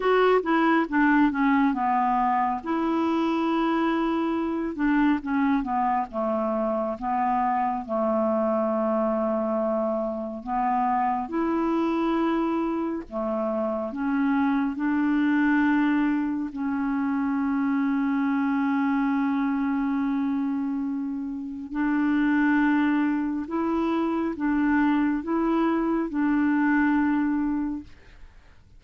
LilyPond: \new Staff \with { instrumentName = "clarinet" } { \time 4/4 \tempo 4 = 69 fis'8 e'8 d'8 cis'8 b4 e'4~ | e'4. d'8 cis'8 b8 a4 | b4 a2. | b4 e'2 a4 |
cis'4 d'2 cis'4~ | cis'1~ | cis'4 d'2 e'4 | d'4 e'4 d'2 | }